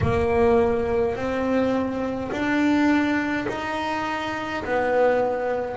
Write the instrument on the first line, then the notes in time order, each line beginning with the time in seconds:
double bass
0.01 A#3
1.15 C4
2.31 D4
3.48 D#4
4.64 B3